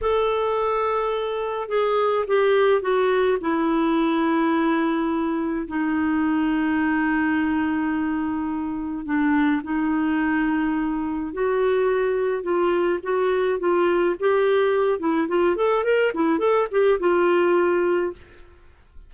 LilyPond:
\new Staff \with { instrumentName = "clarinet" } { \time 4/4 \tempo 4 = 106 a'2. gis'4 | g'4 fis'4 e'2~ | e'2 dis'2~ | dis'1 |
d'4 dis'2. | fis'2 f'4 fis'4 | f'4 g'4. e'8 f'8 a'8 | ais'8 e'8 a'8 g'8 f'2 | }